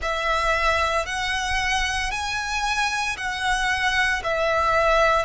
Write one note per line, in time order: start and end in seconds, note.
0.01 1.06 E5
1.06 2.11 F#5
2.11 3.16 G#5
3.17 4.22 F#5
4.23 5.25 E5